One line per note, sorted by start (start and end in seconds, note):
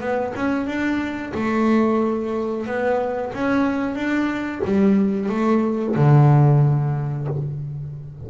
0.00 0.33 B3
0.35 0.66 C#4
0.66 1.32 D4
1.34 2.66 A3
2.66 3.32 B3
3.33 3.95 C#4
3.95 4.61 D4
4.65 5.29 G3
5.29 5.95 A3
5.95 7.27 D3